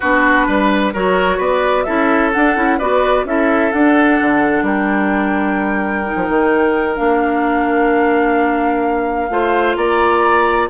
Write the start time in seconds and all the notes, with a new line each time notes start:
0.00 B3 D4 F#4 B4
0.46 G3 B4
0.93 F#3 F#4 A#4 C#5
1.37 B3 B4 D5
1.83 C#4 E4 A4 E5
2.32 D4 F#5
2.56 C#4 E4
2.78 B3 F#4 B4 D5
3.24 C#4 E4 A4 E5
3.72 D4 F#5
4.21 D3
4.62 G3 A#4 G5
6.04 D#4
6.16 F3
6.28 D#3
6.96 A#3 D4 F5
9.29 A3 F4 C5
9.75 A#3 D5 A#5